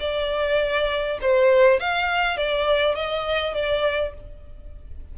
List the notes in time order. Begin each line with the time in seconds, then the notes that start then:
0.00 D5
1.22 C5
1.80 F5
2.37 D5
2.95 D#5
3.55 D5